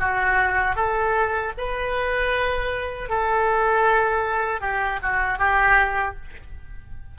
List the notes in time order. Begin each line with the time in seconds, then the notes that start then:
0.00 F#4
0.76 A4
1.58 B4
3.09 A4
4.61 G4
5.02 F#4
5.39 G4